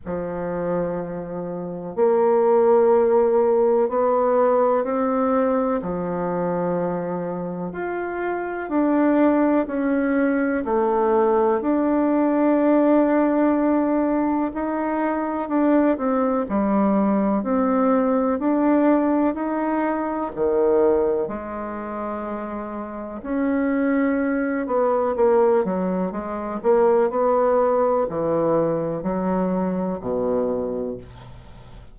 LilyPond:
\new Staff \with { instrumentName = "bassoon" } { \time 4/4 \tempo 4 = 62 f2 ais2 | b4 c'4 f2 | f'4 d'4 cis'4 a4 | d'2. dis'4 |
d'8 c'8 g4 c'4 d'4 | dis'4 dis4 gis2 | cis'4. b8 ais8 fis8 gis8 ais8 | b4 e4 fis4 b,4 | }